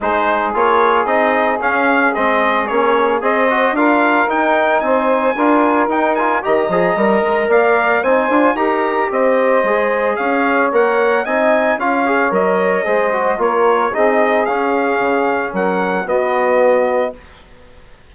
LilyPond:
<<
  \new Staff \with { instrumentName = "trumpet" } { \time 4/4 \tempo 4 = 112 c''4 cis''4 dis''4 f''4 | dis''4 cis''4 dis''4 f''4 | g''4 gis''2 g''8 gis''8 | ais''2 f''4 gis''4 |
ais''4 dis''2 f''4 | fis''4 gis''4 f''4 dis''4~ | dis''4 cis''4 dis''4 f''4~ | f''4 fis''4 dis''2 | }
  \new Staff \with { instrumentName = "saxophone" } { \time 4/4 gis'1~ | gis'2 c''4 ais'4~ | ais'4 c''4 ais'2 | dis''2 d''4 c''4 |
ais'4 c''2 cis''4~ | cis''4 dis''4 cis''2 | c''4 ais'4 gis'2~ | gis'4 ais'4 fis'2 | }
  \new Staff \with { instrumentName = "trombone" } { \time 4/4 dis'4 f'4 dis'4 cis'4 | c'4 cis'4 gis'8 fis'8 f'4 | dis'2 f'4 dis'8 f'8 | g'8 gis'8 ais'2 dis'8 f'8 |
g'2 gis'2 | ais'4 dis'4 f'8 gis'8 ais'4 | gis'8 fis'8 f'4 dis'4 cis'4~ | cis'2 b2 | }
  \new Staff \with { instrumentName = "bassoon" } { \time 4/4 gis4 ais4 c'4 cis'4 | gis4 ais4 c'4 d'4 | dis'4 c'4 d'4 dis'4 | dis8 f8 g8 gis8 ais4 c'8 d'8 |
dis'4 c'4 gis4 cis'4 | ais4 c'4 cis'4 fis4 | gis4 ais4 c'4 cis'4 | cis4 fis4 b2 | }
>>